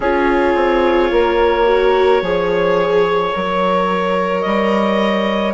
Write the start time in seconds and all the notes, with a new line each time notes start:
0.00 C#4 F4 G#4 C#5
0.55 C4
1.11 A#3 A#4
1.65 F#4
2.21 F3 G#4 C#5
3.32 F#3 A#4
4.41 G3 D#5